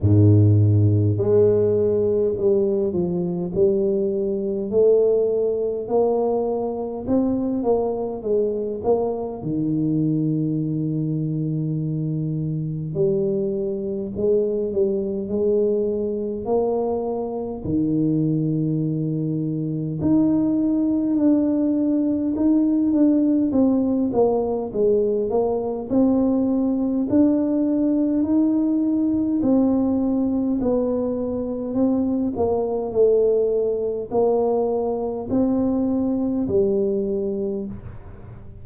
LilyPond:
\new Staff \with { instrumentName = "tuba" } { \time 4/4 \tempo 4 = 51 gis,4 gis4 g8 f8 g4 | a4 ais4 c'8 ais8 gis8 ais8 | dis2. g4 | gis8 g8 gis4 ais4 dis4~ |
dis4 dis'4 d'4 dis'8 d'8 | c'8 ais8 gis8 ais8 c'4 d'4 | dis'4 c'4 b4 c'8 ais8 | a4 ais4 c'4 g4 | }